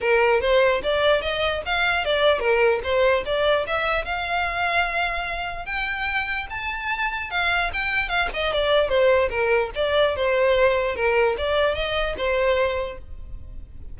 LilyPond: \new Staff \with { instrumentName = "violin" } { \time 4/4 \tempo 4 = 148 ais'4 c''4 d''4 dis''4 | f''4 d''4 ais'4 c''4 | d''4 e''4 f''2~ | f''2 g''2 |
a''2 f''4 g''4 | f''8 dis''8 d''4 c''4 ais'4 | d''4 c''2 ais'4 | d''4 dis''4 c''2 | }